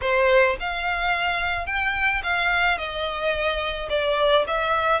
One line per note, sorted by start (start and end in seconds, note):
0.01 0.57 C5
0.60 1.66 F5
1.66 2.21 G5
2.23 2.78 F5
2.78 3.89 D#5
3.89 4.45 D5
4.47 5.00 E5